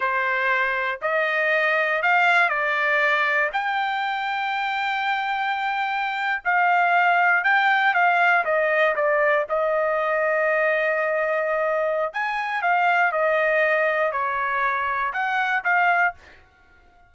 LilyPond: \new Staff \with { instrumentName = "trumpet" } { \time 4/4 \tempo 4 = 119 c''2 dis''2 | f''4 d''2 g''4~ | g''1~ | g''8. f''2 g''4 f''16~ |
f''8. dis''4 d''4 dis''4~ dis''16~ | dis''1 | gis''4 f''4 dis''2 | cis''2 fis''4 f''4 | }